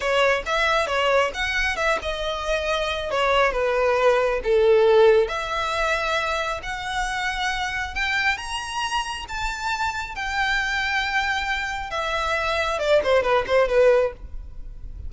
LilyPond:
\new Staff \with { instrumentName = "violin" } { \time 4/4 \tempo 4 = 136 cis''4 e''4 cis''4 fis''4 | e''8 dis''2~ dis''8 cis''4 | b'2 a'2 | e''2. fis''4~ |
fis''2 g''4 ais''4~ | ais''4 a''2 g''4~ | g''2. e''4~ | e''4 d''8 c''8 b'8 c''8 b'4 | }